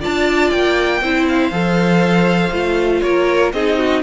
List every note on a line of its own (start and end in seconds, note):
0.00 0.52 D4
0.00 1.00 F4
0.00 1.00 D5
0.00 0.50 A5
0.50 1.01 A#3
0.50 1.25 G5
1.01 1.51 C4
1.01 1.51 E4
1.01 3.02 C5
1.28 3.01 F5
1.51 2.51 F3
1.51 2.51 A4
2.51 3.01 A3
2.51 3.53 F4
3.01 3.53 A#3
3.01 3.53 A#4
3.01 3.51 C#5
3.52 4.02 C4
3.52 4.02 D#4
3.52 3.78 G#4
3.52 4.02 D#5
3.78 4.02 F#4